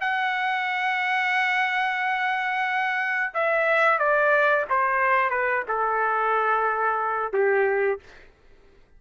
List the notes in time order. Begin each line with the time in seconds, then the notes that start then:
0.00 F#5
3.34 E5
3.98 D5
4.69 C5
5.30 B4
5.68 A4
7.33 G4